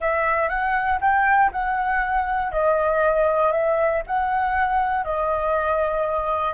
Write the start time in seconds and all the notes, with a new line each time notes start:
0.00 E5
0.48 F#5
1.00 G5
1.52 F#5
2.52 D#5
3.52 E5
4.06 F#5
5.04 D#5